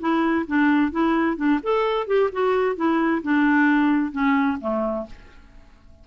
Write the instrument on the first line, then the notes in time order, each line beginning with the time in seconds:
clarinet
0.00 E4
0.47 D4
0.92 E4
1.37 D4
1.63 A4
2.07 G4
2.32 F#4
2.76 E4
3.23 D4
4.12 C#4
4.61 A3